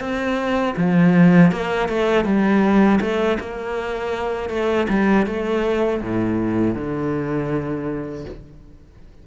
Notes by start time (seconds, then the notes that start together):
0.00 C4
0.77 F3
1.52 A#3
1.89 A3
2.25 G3
3.01 A3
3.40 A#3
4.50 A3
4.89 G3
5.26 A3
6.02 A2
6.75 D3